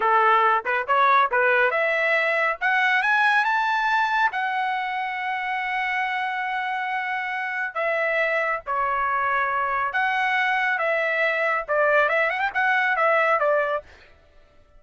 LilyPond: \new Staff \with { instrumentName = "trumpet" } { \time 4/4 \tempo 4 = 139 a'4. b'8 cis''4 b'4 | e''2 fis''4 gis''4 | a''2 fis''2~ | fis''1~ |
fis''2 e''2 | cis''2. fis''4~ | fis''4 e''2 d''4 | e''8 fis''16 g''16 fis''4 e''4 d''4 | }